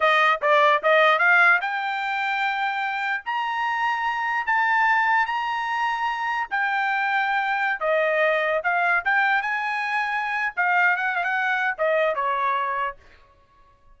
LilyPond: \new Staff \with { instrumentName = "trumpet" } { \time 4/4 \tempo 4 = 148 dis''4 d''4 dis''4 f''4 | g''1 | ais''2. a''4~ | a''4 ais''2. |
g''2.~ g''16 dis''8.~ | dis''4~ dis''16 f''4 g''4 gis''8.~ | gis''2 f''4 fis''8 f''16 fis''16~ | fis''4 dis''4 cis''2 | }